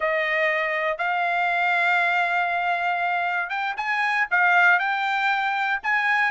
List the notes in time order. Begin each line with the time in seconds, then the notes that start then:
0.00 D#5
0.98 F5
3.49 G5
3.76 G#5
4.30 F5
4.79 G5
5.83 G#5